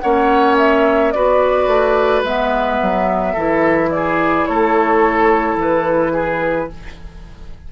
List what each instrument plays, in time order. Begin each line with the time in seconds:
0.00 bassoon A#3, clarinet C#4, oboe C#5, flute F#5
0.57 flute E5
1.11 bassoon B3, clarinet F#4, oboe B4, flute D5
1.66 bassoon A3
2.22 bassoon G#3, clarinet B3, flute E5
2.81 bassoon F#3
3.32 bassoon E3, clarinet E4, oboe A4
3.90 oboe G#4, flute D5
4.46 bassoon A3, oboe A4, flute C#5
5.55 bassoon E3, flute B4
6.12 oboe G#4